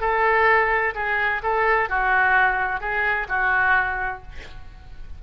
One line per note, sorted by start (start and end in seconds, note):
0.00 0.94 A4
0.95 1.41 G#4
1.42 1.89 A4
1.89 2.80 F#4
2.80 3.27 G#4
3.28 4.22 F#4